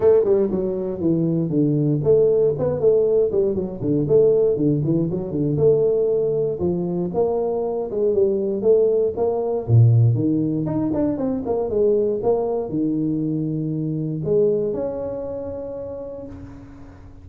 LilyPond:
\new Staff \with { instrumentName = "tuba" } { \time 4/4 \tempo 4 = 118 a8 g8 fis4 e4 d4 | a4 b8 a4 g8 fis8 d8 | a4 d8 e8 fis8 d8 a4~ | a4 f4 ais4. gis8 |
g4 a4 ais4 ais,4 | dis4 dis'8 d'8 c'8 ais8 gis4 | ais4 dis2. | gis4 cis'2. | }